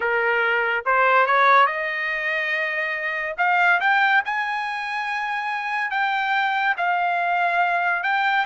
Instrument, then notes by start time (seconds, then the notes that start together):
trumpet
0.00 A#4
0.85 C5
1.26 C#5
1.66 D#5
3.37 F5
3.80 G5
4.25 G#5
5.90 G5
6.77 F5
8.03 G5